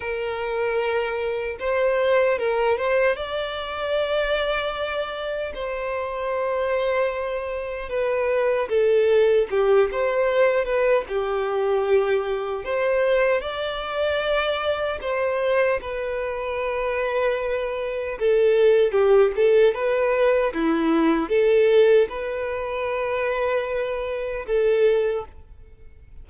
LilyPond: \new Staff \with { instrumentName = "violin" } { \time 4/4 \tempo 4 = 76 ais'2 c''4 ais'8 c''8 | d''2. c''4~ | c''2 b'4 a'4 | g'8 c''4 b'8 g'2 |
c''4 d''2 c''4 | b'2. a'4 | g'8 a'8 b'4 e'4 a'4 | b'2. a'4 | }